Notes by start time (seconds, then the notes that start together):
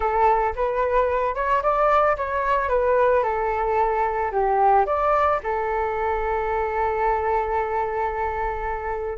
0.00 A4
0.55 B4
1.34 C#5
1.62 D5
2.16 C#5
2.69 B4
3.23 A4
4.31 G4
4.86 D5
5.43 A4